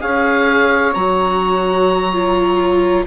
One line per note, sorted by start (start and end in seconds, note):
0.00 0.96 C#4
0.00 0.94 G#4
0.00 3.06 C#5
0.00 0.94 F5
0.94 3.07 F#3
0.94 2.13 F#4
0.94 3.05 A#5
2.13 3.06 F4